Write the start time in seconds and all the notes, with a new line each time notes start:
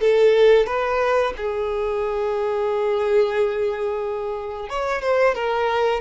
0.00 A4
0.66 B4
1.37 G#4
4.69 C#5
5.01 C5
5.35 A#4